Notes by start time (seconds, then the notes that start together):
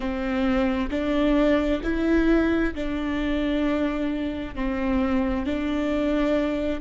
0.00 C4
0.90 D4
1.83 E4
2.74 D4
4.55 C4
5.45 D4